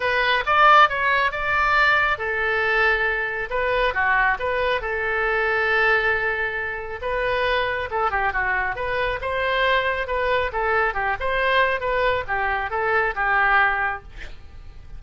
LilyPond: \new Staff \with { instrumentName = "oboe" } { \time 4/4 \tempo 4 = 137 b'4 d''4 cis''4 d''4~ | d''4 a'2. | b'4 fis'4 b'4 a'4~ | a'1 |
b'2 a'8 g'8 fis'4 | b'4 c''2 b'4 | a'4 g'8 c''4. b'4 | g'4 a'4 g'2 | }